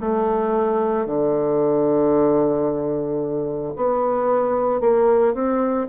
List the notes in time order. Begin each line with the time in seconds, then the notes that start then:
0.00 A3
1.06 D3
3.76 B3
4.80 A#3
5.34 C4